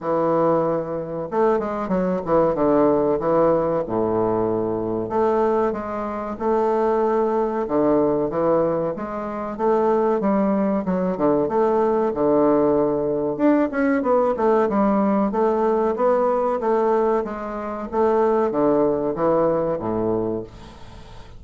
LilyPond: \new Staff \with { instrumentName = "bassoon" } { \time 4/4 \tempo 4 = 94 e2 a8 gis8 fis8 e8 | d4 e4 a,2 | a4 gis4 a2 | d4 e4 gis4 a4 |
g4 fis8 d8 a4 d4~ | d4 d'8 cis'8 b8 a8 g4 | a4 b4 a4 gis4 | a4 d4 e4 a,4 | }